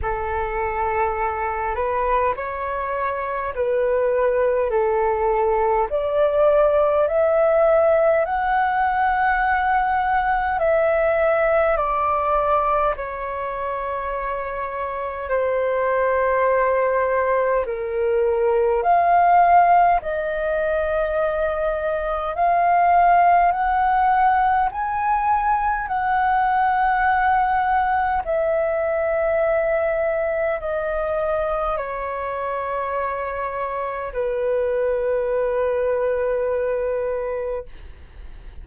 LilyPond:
\new Staff \with { instrumentName = "flute" } { \time 4/4 \tempo 4 = 51 a'4. b'8 cis''4 b'4 | a'4 d''4 e''4 fis''4~ | fis''4 e''4 d''4 cis''4~ | cis''4 c''2 ais'4 |
f''4 dis''2 f''4 | fis''4 gis''4 fis''2 | e''2 dis''4 cis''4~ | cis''4 b'2. | }